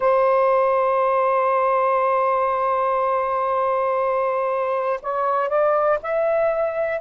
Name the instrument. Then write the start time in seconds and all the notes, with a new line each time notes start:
saxophone
0.00 C5
5.02 C#5
5.49 D5
6.02 E5